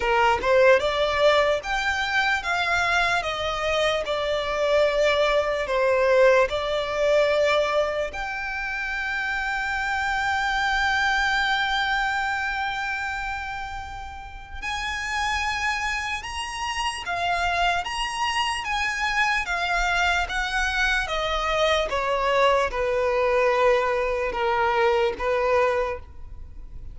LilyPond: \new Staff \with { instrumentName = "violin" } { \time 4/4 \tempo 4 = 74 ais'8 c''8 d''4 g''4 f''4 | dis''4 d''2 c''4 | d''2 g''2~ | g''1~ |
g''2 gis''2 | ais''4 f''4 ais''4 gis''4 | f''4 fis''4 dis''4 cis''4 | b'2 ais'4 b'4 | }